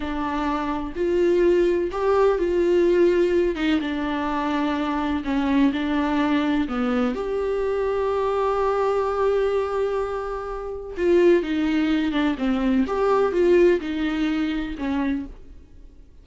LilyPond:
\new Staff \with { instrumentName = "viola" } { \time 4/4 \tempo 4 = 126 d'2 f'2 | g'4 f'2~ f'8 dis'8 | d'2. cis'4 | d'2 b4 g'4~ |
g'1~ | g'2. f'4 | dis'4. d'8 c'4 g'4 | f'4 dis'2 cis'4 | }